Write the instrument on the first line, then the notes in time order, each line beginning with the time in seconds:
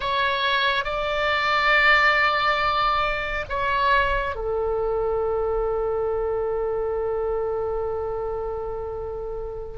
oboe
0.00 C#5
0.84 D5
3.49 C#5
4.35 A4